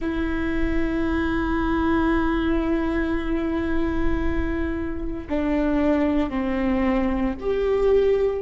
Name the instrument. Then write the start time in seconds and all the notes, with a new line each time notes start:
viola
0.01 E4
5.29 D4
6.29 C4
7.40 G4